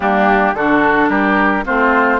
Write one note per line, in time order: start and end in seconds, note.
0.00 0.53 G3
0.00 0.54 A#3
0.00 0.54 D4
0.00 0.55 G4
0.53 1.08 D3
0.53 1.65 D4
0.53 1.09 F#4
0.53 1.09 A4
1.08 1.63 G3
1.08 1.64 G4
1.08 1.64 A#4
1.65 2.19 A3
1.65 2.19 C4
1.65 2.19 F4
1.65 2.19 C5